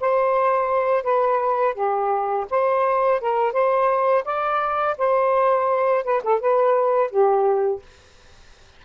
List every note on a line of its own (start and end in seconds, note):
0.00 1.03 C5
1.03 1.74 B4
1.74 2.45 G4
2.50 3.20 C5
3.20 3.52 A#4
3.52 4.24 C5
4.24 4.96 D5
4.98 6.04 C5
6.04 6.22 B4
6.23 6.40 A4
6.40 7.10 B4
7.10 7.82 G4